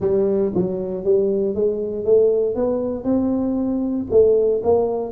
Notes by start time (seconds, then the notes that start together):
0.00 G3
0.54 F#3
1.04 G3
1.54 G#3
2.04 A3
2.55 B3
3.04 C4
4.10 A3
4.63 A#3